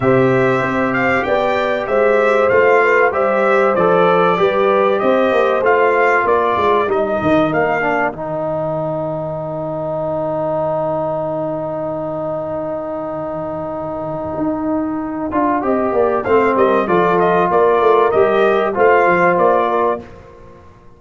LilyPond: <<
  \new Staff \with { instrumentName = "trumpet" } { \time 4/4 \tempo 4 = 96 e''4. f''8 g''4 e''4 | f''4 e''4 d''2 | dis''4 f''4 d''4 dis''4 | f''4 g''2.~ |
g''1~ | g''1~ | g''2 f''8 dis''8 d''8 dis''8 | d''4 dis''4 f''4 d''4 | }
  \new Staff \with { instrumentName = "horn" } { \time 4/4 c''2 d''4 c''4~ | c''8 b'8 c''2 b'4 | c''2 ais'2~ | ais'1~ |
ais'1~ | ais'1~ | ais'4 dis''8 d''8 c''8 ais'8 a'4 | ais'2 c''4. ais'8 | }
  \new Staff \with { instrumentName = "trombone" } { \time 4/4 g'1 | f'4 g'4 a'4 g'4~ | g'4 f'2 dis'4~ | dis'8 d'8 dis'2.~ |
dis'1~ | dis'1~ | dis'8 f'8 g'4 c'4 f'4~ | f'4 g'4 f'2 | }
  \new Staff \with { instrumentName = "tuba" } { \time 4/4 c4 c'4 b4 gis4 | a4 g4 f4 g4 | c'8 ais8 a4 ais8 gis8 g8 dis8 | ais4 dis2.~ |
dis1~ | dis2. dis'4~ | dis'8 d'8 c'8 ais8 a8 g8 f4 | ais8 a8 g4 a8 f8 ais4 | }
>>